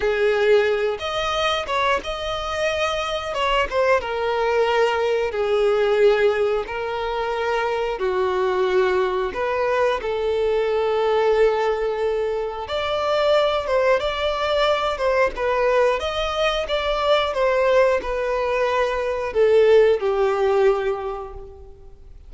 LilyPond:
\new Staff \with { instrumentName = "violin" } { \time 4/4 \tempo 4 = 90 gis'4. dis''4 cis''8 dis''4~ | dis''4 cis''8 c''8 ais'2 | gis'2 ais'2 | fis'2 b'4 a'4~ |
a'2. d''4~ | d''8 c''8 d''4. c''8 b'4 | dis''4 d''4 c''4 b'4~ | b'4 a'4 g'2 | }